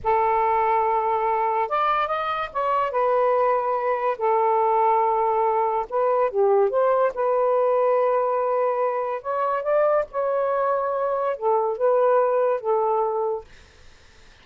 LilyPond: \new Staff \with { instrumentName = "saxophone" } { \time 4/4 \tempo 4 = 143 a'1 | d''4 dis''4 cis''4 b'4~ | b'2 a'2~ | a'2 b'4 g'4 |
c''4 b'2.~ | b'2 cis''4 d''4 | cis''2. a'4 | b'2 a'2 | }